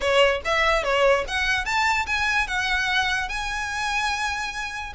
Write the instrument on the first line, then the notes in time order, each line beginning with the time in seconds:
violin
0.00 C#5
0.44 E5
0.83 C#5
1.27 F#5
1.65 A5
2.06 G#5
2.47 F#5
3.29 G#5